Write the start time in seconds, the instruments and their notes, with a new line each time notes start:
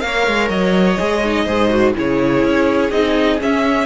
0.00 cello A#3, viola A#4, violin C#5 F5
0.27 cello G#3
0.49 cello F#3, violin D#5
0.98 cello G#3, viola G#4
1.24 viola D#4
1.45 cello G#2, viola G#4, violin C5
1.70 viola F#4
1.95 cello C#3, viola E4, violin G#4 C#5
2.44 cello C#4
2.91 cello C4, viola D#4, violin D#5
3.39 viola C#4, cello C#4, violin E5